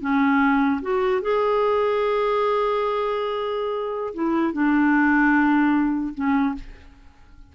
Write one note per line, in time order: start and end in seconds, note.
0.00 0.81 C#4
0.81 1.21 F#4
1.21 4.13 G#4
4.13 4.52 E4
4.52 6.14 D4
6.14 6.54 C#4